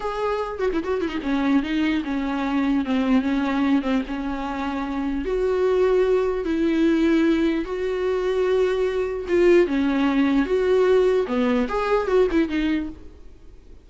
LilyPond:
\new Staff \with { instrumentName = "viola" } { \time 4/4 \tempo 4 = 149 gis'4. fis'16 e'16 fis'8 e'16 dis'16 cis'4 | dis'4 cis'2 c'4 | cis'4. c'8 cis'2~ | cis'4 fis'2. |
e'2. fis'4~ | fis'2. f'4 | cis'2 fis'2 | b4 gis'4 fis'8 e'8 dis'4 | }